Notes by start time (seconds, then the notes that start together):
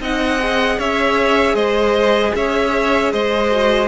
0.00 C4 D#4 D#5 F#5
0.39 G#4
0.78 C#4 C#5 E5
1.54 G#3 C5 D#5
2.35 C#4 C#5 E5
3.12 G#3 C5 D#5
3.51 F#4